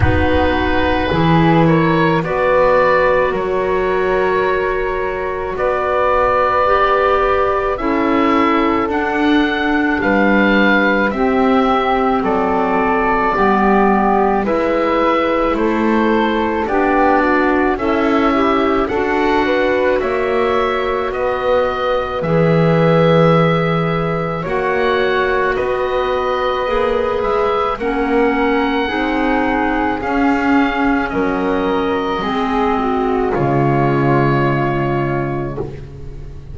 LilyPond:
<<
  \new Staff \with { instrumentName = "oboe" } { \time 4/4 \tempo 4 = 54 b'4. cis''8 d''4 cis''4~ | cis''4 d''2 e''4 | fis''4 f''4 e''4 d''4~ | d''4 e''4 c''4 d''4 |
e''4 fis''4 e''4 dis''4 | e''2 fis''4 dis''4~ | dis''8 e''8 fis''2 f''4 | dis''2 cis''2 | }
  \new Staff \with { instrumentName = "flute" } { \time 4/4 fis'4 gis'8 ais'8 b'4 ais'4~ | ais'4 b'2 a'4~ | a'4 b'4 g'4 a'4 | g'4 b'4 a'4 g'8 fis'8 |
e'4 a'8 b'8 cis''4 b'4~ | b'2 cis''4 b'4~ | b'4 ais'4 gis'2 | ais'4 gis'8 fis'8 f'2 | }
  \new Staff \with { instrumentName = "clarinet" } { \time 4/4 dis'4 e'4 fis'2~ | fis'2 g'4 e'4 | d'2 c'2 | b4 e'2 d'4 |
a'8 g'8 fis'2. | gis'2 fis'2 | gis'4 cis'4 dis'4 cis'4~ | cis'4 c'4 gis2 | }
  \new Staff \with { instrumentName = "double bass" } { \time 4/4 b4 e4 b4 fis4~ | fis4 b2 cis'4 | d'4 g4 c'4 fis4 | g4 gis4 a4 b4 |
cis'4 d'4 ais4 b4 | e2 ais4 b4 | ais8 gis8 ais4 c'4 cis'4 | fis4 gis4 cis2 | }
>>